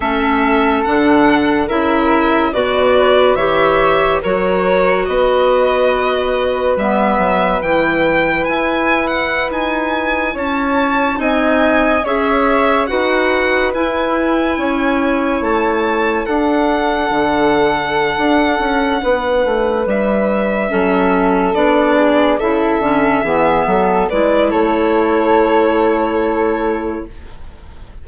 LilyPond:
<<
  \new Staff \with { instrumentName = "violin" } { \time 4/4 \tempo 4 = 71 e''4 fis''4 e''4 d''4 | e''4 cis''4 dis''2 | e''4 g''4 gis''8. fis''8 gis''8.~ | gis''16 a''4 gis''4 e''4 fis''8.~ |
fis''16 gis''2 a''4 fis''8.~ | fis''2.~ fis''8 e''8~ | e''4. d''4 e''4.~ | e''8 d''8 cis''2. | }
  \new Staff \with { instrumentName = "flute" } { \time 4/4 a'2 ais'4 b'4 | cis''4 ais'4 b'2~ | b'1~ | b'16 cis''4 dis''4 cis''4 b'8.~ |
b'4~ b'16 cis''2 a'8.~ | a'2~ a'8 b'4.~ | b'8 a'4. gis'8 a'4 gis'8 | a'8 b'8 a'2. | }
  \new Staff \with { instrumentName = "clarinet" } { \time 4/4 cis'4 d'4 e'4 fis'4 | g'4 fis'2. | b4 e'2.~ | e'4~ e'16 dis'4 gis'4 fis'8.~ |
fis'16 e'2. d'8.~ | d'1~ | d'8 cis'4 d'4 e'8 cis'8 b8~ | b8 e'2.~ e'8 | }
  \new Staff \with { instrumentName = "bassoon" } { \time 4/4 a4 d4 cis4 b,4 | e4 fis4 b2 | g8 fis8 e4 e'4~ e'16 dis'8.~ | dis'16 cis'4 c'4 cis'4 dis'8.~ |
dis'16 e'4 cis'4 a4 d'8.~ | d'16 d4~ d16 d'8 cis'8 b8 a8 g8~ | g8 fis4 b4 cis8 d8 e8 | fis8 gis8 a2. | }
>>